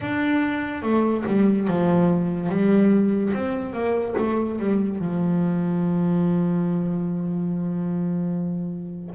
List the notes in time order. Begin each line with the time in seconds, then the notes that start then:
0.00 D4
0.82 A3
1.26 G3
1.67 F3
2.48 G3
3.33 C4
3.73 A#3
4.17 A3
4.59 G3
4.99 F3